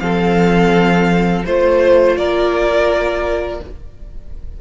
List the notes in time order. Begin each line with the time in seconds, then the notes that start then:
0.00 F3 C4 A4 F5
1.44 A3 F4 C5
2.17 A#3 A#4 D5